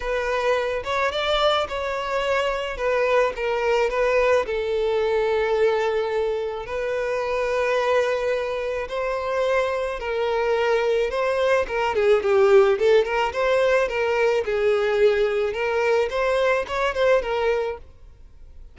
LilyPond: \new Staff \with { instrumentName = "violin" } { \time 4/4 \tempo 4 = 108 b'4. cis''8 d''4 cis''4~ | cis''4 b'4 ais'4 b'4 | a'1 | b'1 |
c''2 ais'2 | c''4 ais'8 gis'8 g'4 a'8 ais'8 | c''4 ais'4 gis'2 | ais'4 c''4 cis''8 c''8 ais'4 | }